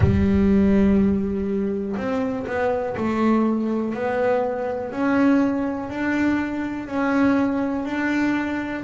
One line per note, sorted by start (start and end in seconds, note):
0.00 1.96 G3
1.97 2.46 C4
2.46 2.96 B3
2.96 3.93 A3
3.93 4.91 B3
4.91 5.89 C#4
5.89 6.87 D4
6.87 7.85 C#4
7.85 8.83 D4